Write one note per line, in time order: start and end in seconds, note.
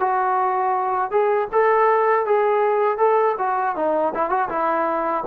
0.00 1.11 F#4
1.11 1.48 G#4
1.52 2.26 A4
2.26 2.98 G#4
2.98 3.35 A4
3.38 3.76 F#4
3.76 4.13 D#4
4.15 4.30 E4
4.30 4.49 F#4
4.49 5.24 E4